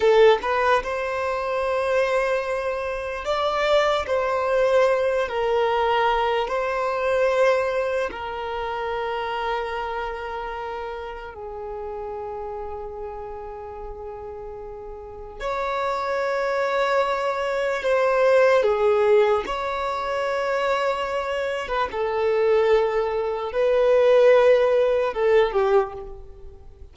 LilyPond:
\new Staff \with { instrumentName = "violin" } { \time 4/4 \tempo 4 = 74 a'8 b'8 c''2. | d''4 c''4. ais'4. | c''2 ais'2~ | ais'2 gis'2~ |
gis'2. cis''4~ | cis''2 c''4 gis'4 | cis''2~ cis''8. b'16 a'4~ | a'4 b'2 a'8 g'8 | }